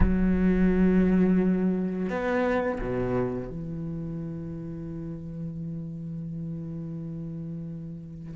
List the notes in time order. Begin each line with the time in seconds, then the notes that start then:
0.00 F#3
2.09 B3
2.80 B2
3.49 E3